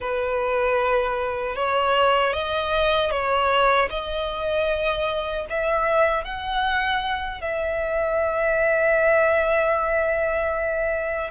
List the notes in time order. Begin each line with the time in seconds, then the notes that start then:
0.00 B4
1.55 C#5
2.33 D#5
3.11 C#5
3.90 D#5
5.49 E5
6.24 F#5
7.41 E5